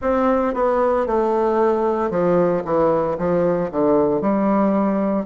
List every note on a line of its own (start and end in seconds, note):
0.01 0.54 C4
0.54 1.06 B3
1.06 2.10 A3
2.10 2.63 F3
2.65 3.17 E3
3.18 3.70 F3
3.71 4.21 D3
4.21 5.25 G3